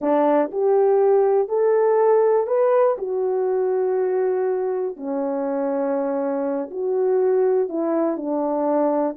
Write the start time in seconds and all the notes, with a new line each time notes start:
0.01 D4
0.51 G4
1.48 A4
2.47 B4
2.98 F#4
4.96 C#4
6.71 F#4
7.69 E4
8.16 D4